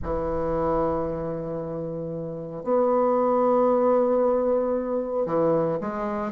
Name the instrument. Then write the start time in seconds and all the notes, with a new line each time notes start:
bassoon
0.02 E3
2.63 B3
5.25 E3
5.80 G#3